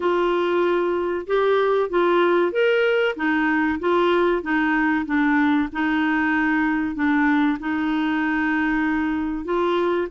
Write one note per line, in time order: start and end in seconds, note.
0.00 1.26 F4
1.26 1.89 G4
1.89 2.51 F4
2.51 3.15 A#4
3.16 3.79 D#4
3.79 4.42 F4
4.42 5.05 D#4
5.05 5.68 D4
5.72 6.95 D#4
6.95 7.58 D4
7.59 9.44 D#4
9.44 10.07 F4